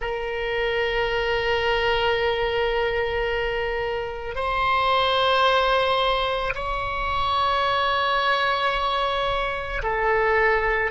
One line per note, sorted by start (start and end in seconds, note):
0.00 4.35 A#4
4.35 6.53 C5
6.55 9.82 C#5
9.82 10.91 A4